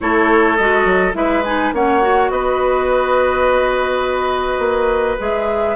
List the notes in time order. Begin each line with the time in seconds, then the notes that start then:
0.00 A3 E4 A4 C#5
0.56 G#3 F#4 D#5
0.84 F#3
1.13 G#3 E4 B4 E5
1.44 D#4 G#5
1.72 A#3 C#4 C#5 F#5
2.01 F#4
2.30 B3 B4 D#5
4.58 A#3
5.19 G#3 G#4 E5